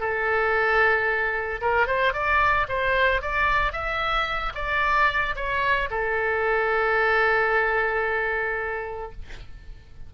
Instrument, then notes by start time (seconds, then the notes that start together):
oboe
0.00 A4
1.61 A#4
1.87 C5
2.13 D5
2.68 C5
3.22 D5
3.72 E5
4.55 D5
5.36 C#5
5.91 A4